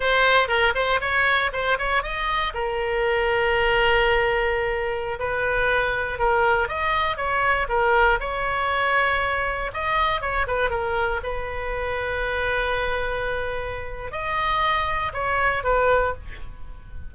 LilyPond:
\new Staff \with { instrumentName = "oboe" } { \time 4/4 \tempo 4 = 119 c''4 ais'8 c''8 cis''4 c''8 cis''8 | dis''4 ais'2.~ | ais'2~ ais'16 b'4.~ b'16~ | b'16 ais'4 dis''4 cis''4 ais'8.~ |
ais'16 cis''2. dis''8.~ | dis''16 cis''8 b'8 ais'4 b'4.~ b'16~ | b'1 | dis''2 cis''4 b'4 | }